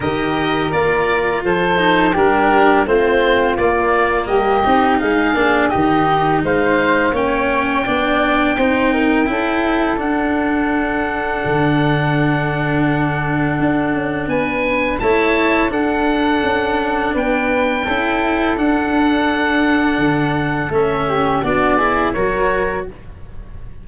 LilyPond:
<<
  \new Staff \with { instrumentName = "oboe" } { \time 4/4 \tempo 4 = 84 dis''4 d''4 c''4 ais'4 | c''4 d''4 dis''4 f''4 | dis''4 f''4 g''2~ | g''2 fis''2~ |
fis''1 | gis''4 a''4 fis''2 | g''2 fis''2~ | fis''4 e''4 d''4 cis''4 | }
  \new Staff \with { instrumentName = "flute" } { \time 4/4 ais'2 a'4 g'4 | f'2 g'4 gis'4 | g'4 c''4 cis''4 d''4 | c''8 ais'8 a'2.~ |
a'1 | b'4 cis''4 a'2 | b'4 a'2.~ | a'4. g'8 fis'8 gis'8 ais'4 | }
  \new Staff \with { instrumentName = "cello" } { \time 4/4 g'4 f'4. dis'8 d'4 | c'4 ais4. dis'4 d'8 | dis'2 cis'4 d'4 | dis'4 e'4 d'2~ |
d'1~ | d'4 e'4 d'2~ | d'4 e'4 d'2~ | d'4 cis'4 d'8 e'8 fis'4 | }
  \new Staff \with { instrumentName = "tuba" } { \time 4/4 dis4 ais4 f4 g4 | a4 ais4 g8 c'8 gis8 ais8 | dis4 gis4 ais4 b4 | c'4 cis'4 d'2 |
d2. d'8 cis'8 | b4 a4 d'4 cis'4 | b4 cis'4 d'2 | d4 a4 b4 fis4 | }
>>